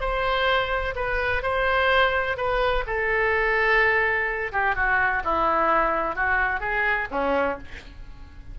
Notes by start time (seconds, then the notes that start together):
0.00 C5
0.96 B4
1.42 C5
2.37 B4
2.87 A4
4.52 G4
4.75 F#4
5.24 E4
6.15 F#4
6.60 G#4
7.11 C#4